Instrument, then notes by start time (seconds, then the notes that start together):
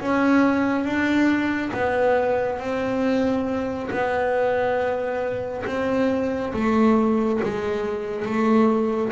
double bass
0.00 C#4
0.85 D4
1.73 B3
2.59 C4
3.91 B3
5.66 C4
6.53 A3
7.43 G#3
8.25 A3